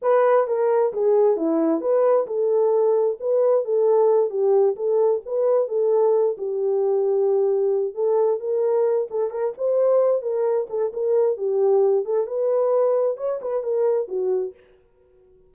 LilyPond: \new Staff \with { instrumentName = "horn" } { \time 4/4 \tempo 4 = 132 b'4 ais'4 gis'4 e'4 | b'4 a'2 b'4 | a'4. g'4 a'4 b'8~ | b'8 a'4. g'2~ |
g'4. a'4 ais'4. | a'8 ais'8 c''4. ais'4 a'8 | ais'4 g'4. a'8 b'4~ | b'4 cis''8 b'8 ais'4 fis'4 | }